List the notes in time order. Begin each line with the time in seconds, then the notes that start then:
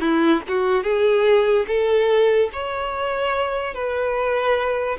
0.00 E4
0.47 F#4
0.83 G#4
1.67 A4
2.52 C#5
3.74 B4